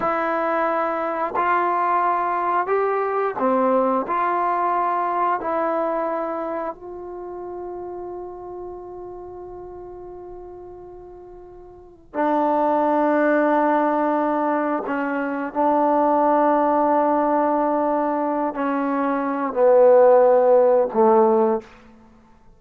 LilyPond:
\new Staff \with { instrumentName = "trombone" } { \time 4/4 \tempo 4 = 89 e'2 f'2 | g'4 c'4 f'2 | e'2 f'2~ | f'1~ |
f'2 d'2~ | d'2 cis'4 d'4~ | d'2.~ d'8 cis'8~ | cis'4 b2 a4 | }